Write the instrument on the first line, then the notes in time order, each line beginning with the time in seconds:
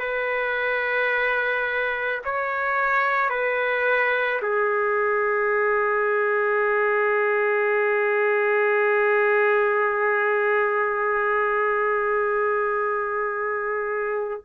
trumpet
0.00 B4
2.25 C#5
3.30 B4
4.42 G#4